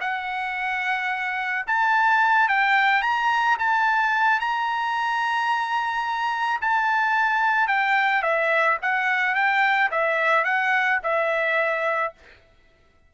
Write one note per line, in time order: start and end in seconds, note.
0.00 1.65 F#5
1.67 2.48 A5
2.48 3.02 G5
3.02 3.57 A#5
3.59 4.40 A5
4.40 6.60 A#5
6.61 7.67 A5
7.67 8.22 G5
8.22 8.77 E5
8.81 9.35 F#5
9.35 9.90 G5
9.91 10.44 E5
10.44 10.99 F#5
11.03 12.13 E5